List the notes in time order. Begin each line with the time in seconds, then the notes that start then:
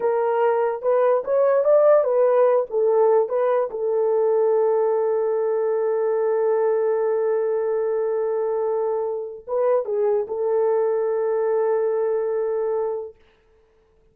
0.00 A#4
0.82 B4
1.24 C#5
1.64 D5
2.04 B4
2.70 A4
3.28 B4
3.70 A4
9.47 B4
9.85 G#4
10.27 A4